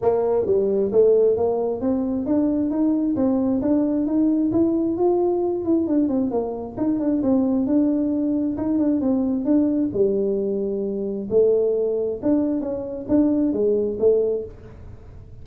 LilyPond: \new Staff \with { instrumentName = "tuba" } { \time 4/4 \tempo 4 = 133 ais4 g4 a4 ais4 | c'4 d'4 dis'4 c'4 | d'4 dis'4 e'4 f'4~ | f'8 e'8 d'8 c'8 ais4 dis'8 d'8 |
c'4 d'2 dis'8 d'8 | c'4 d'4 g2~ | g4 a2 d'4 | cis'4 d'4 gis4 a4 | }